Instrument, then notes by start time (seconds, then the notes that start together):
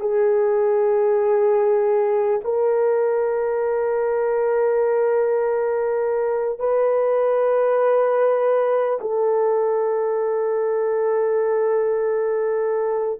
horn
0.00 G#4
2.44 A#4
6.59 B4
9.01 A4